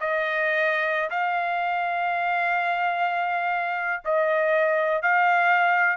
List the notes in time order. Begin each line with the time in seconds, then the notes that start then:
0.00 D#5
1.10 F5
4.05 D#5
5.02 F5